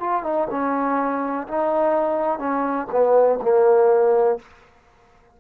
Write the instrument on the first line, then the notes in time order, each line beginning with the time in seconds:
trombone
0.00 F4
0.23 D#4
0.50 C#4
1.47 D#4
2.39 C#4
2.91 B3
3.42 A#3